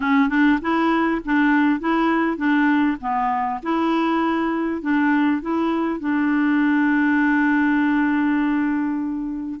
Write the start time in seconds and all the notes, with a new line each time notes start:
0.00 C#4
0.29 D4
0.61 E4
1.24 D4
1.80 E4
2.37 D4
3.00 B3
3.62 E4
4.81 D4
5.41 E4
6.00 D4